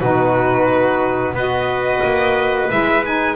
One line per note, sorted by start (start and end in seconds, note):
0.00 1.34 B2
0.00 1.36 D#4
0.00 1.35 F#4
0.00 1.35 B4
1.34 2.01 B3
1.34 2.70 F#4
1.34 3.36 B4
1.34 2.71 D#5
2.03 2.71 A#3
2.70 3.36 G#3
2.70 3.04 E4
2.70 3.04 E5
3.04 3.36 D#4
3.04 3.36 G#5